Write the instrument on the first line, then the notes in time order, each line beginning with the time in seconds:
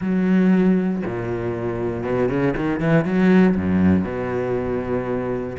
cello
0.01 F#3
1.05 A#2
2.03 B2
2.28 C#3
2.56 D#3
2.80 E3
3.04 F#3
3.55 F#2
4.04 B2